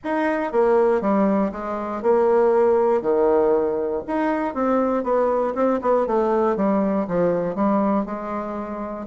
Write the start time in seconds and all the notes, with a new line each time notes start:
0.04 D#4
0.52 A#3
1.01 G3
1.52 G#3
2.02 A#3
3.01 D#3
4.07 D#4
4.54 C4
5.03 B3
5.55 C4
5.81 B3
6.06 A3
6.56 G3
7.07 F3
7.55 G3
8.05 G#3